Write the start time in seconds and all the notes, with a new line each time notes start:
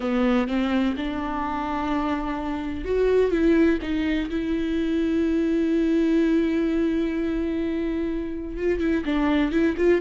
0.00 B3
0.47 C4
0.97 D4
2.84 F#4
3.31 E4
3.81 D#4
4.29 E4
8.57 F4
8.80 E4
9.05 D4
9.51 E4
9.77 F4